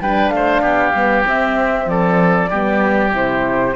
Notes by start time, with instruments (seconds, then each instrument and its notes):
0.00 cello G3, horn D4, oboe B4, flute G5
0.30 cello A3, flute F5
0.36 oboe C5
0.61 cello B3, oboe G4
0.93 cello G3, horn B3
1.25 horn C4, cello C4, flute E5
1.85 cello F3, oboe A4, flute D5
2.50 cello G3, horn B3, oboe G4
3.11 cello C3, horn E4, flute C5